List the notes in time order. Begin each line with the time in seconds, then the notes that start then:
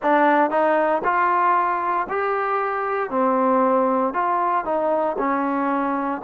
0.02 D4
0.50 D#4
1.03 F4
2.09 G4
3.10 C4
4.13 F4
4.64 D#4
5.18 C#4